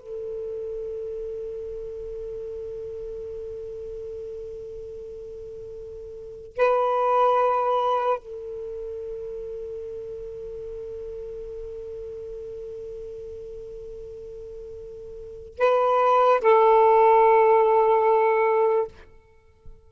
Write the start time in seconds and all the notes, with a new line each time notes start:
0.00 A4
6.57 B4
8.19 A4
15.59 B4
16.41 A4